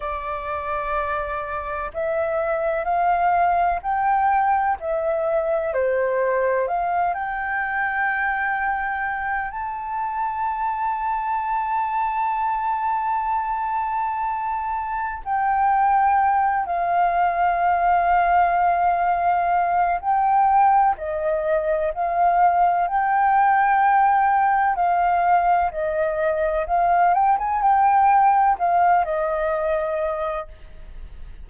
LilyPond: \new Staff \with { instrumentName = "flute" } { \time 4/4 \tempo 4 = 63 d''2 e''4 f''4 | g''4 e''4 c''4 f''8 g''8~ | g''2 a''2~ | a''1 |
g''4. f''2~ f''8~ | f''4 g''4 dis''4 f''4 | g''2 f''4 dis''4 | f''8 g''16 gis''16 g''4 f''8 dis''4. | }